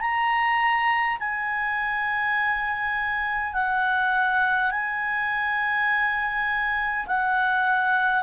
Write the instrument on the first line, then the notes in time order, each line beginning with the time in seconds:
clarinet
0.00 A#5
1.19 G#5
3.53 F#5
4.71 G#5
7.06 F#5